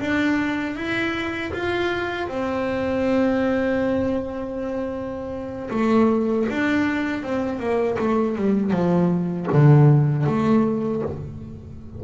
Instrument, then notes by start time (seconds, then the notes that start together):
double bass
0.00 D4
0.76 E4
1.54 F4
2.28 C4
5.70 A3
6.49 D4
7.23 C4
7.59 A#3
7.99 A3
8.36 G3
8.71 F3
9.52 D3
10.26 A3